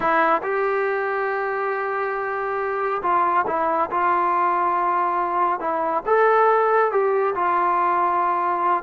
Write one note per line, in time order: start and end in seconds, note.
0.00 0.41 E4
0.43 3.02 G4
3.02 3.45 F4
3.46 3.90 E4
3.91 5.60 F4
5.60 6.03 E4
6.06 6.91 A4
6.91 7.34 G4
7.35 8.83 F4